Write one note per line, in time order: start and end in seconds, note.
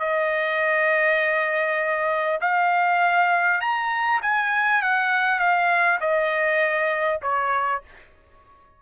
0.00 2.40 D#5
2.41 3.61 F5
3.61 4.21 A#5
4.22 4.82 G#5
4.82 5.39 F#5
5.39 5.99 F5
6.01 7.21 D#5
7.22 7.82 C#5